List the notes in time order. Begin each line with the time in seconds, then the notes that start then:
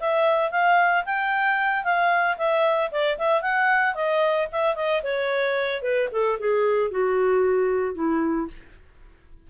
0.00 E5
0.51 F5
1.05 G5
1.84 F5
2.37 E5
2.91 D5
3.18 E5
3.42 F#5
3.95 D#5
4.52 E5
4.75 D#5
5.03 C#5
5.82 B4
6.12 A4
6.39 G#4
6.91 F#4
7.95 E4